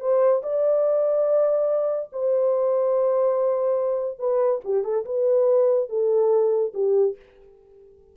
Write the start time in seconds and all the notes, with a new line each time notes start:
0.00 C5
0.43 D5
2.12 C5
4.19 B4
4.64 G4
4.84 A4
5.05 B4
5.89 A4
6.74 G4